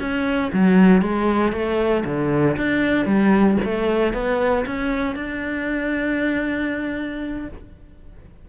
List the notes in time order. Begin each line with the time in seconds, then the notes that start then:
0.00 C#4
0.53 F#3
1.02 G#3
1.52 A3
2.05 D3
2.57 D4
3.06 G3
3.64 A3
4.13 B3
4.66 C#4
5.16 D4